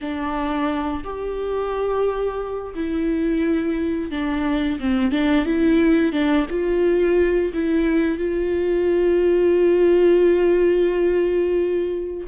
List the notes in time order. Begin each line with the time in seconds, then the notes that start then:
0.01 D4
1.04 G4
2.75 E4
4.11 D4
4.79 C4
5.11 D4
5.45 E4
6.12 D4
6.50 F4
7.53 E4
8.18 F4